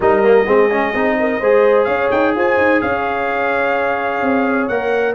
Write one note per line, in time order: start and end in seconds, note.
0.00 0.46 G3
0.00 0.23 D#4
0.00 0.45 A#4
0.00 1.84 D#5
0.23 0.46 A#3
0.45 0.94 G#3
0.45 0.69 C4
0.45 1.15 G#4
0.70 0.93 C#4
0.94 1.40 C4
0.94 1.41 D#4
1.19 1.40 A#4
1.40 1.87 G#3
1.40 4.71 G#4
1.40 1.86 C5
1.84 2.10 C#4
1.84 2.33 C#5
1.84 2.08 F5
2.10 2.35 D#4
2.10 2.34 G5
2.35 2.57 F4
2.35 2.82 C5
2.35 2.81 G#5
2.57 2.81 D#4
2.81 4.22 C#4
2.81 5.14 C#5
2.81 4.68 F5
4.22 4.69 C4
4.68 5.14 A#3
4.68 5.14 A#4
4.68 5.14 F#5